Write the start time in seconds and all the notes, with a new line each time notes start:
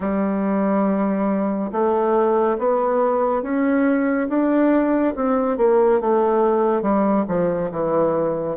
0.00 G3
1.71 A3
2.58 B3
3.42 C#4
4.28 D4
5.15 C4
5.57 A#3
6.00 A3
6.82 G3
7.27 F3
7.71 E3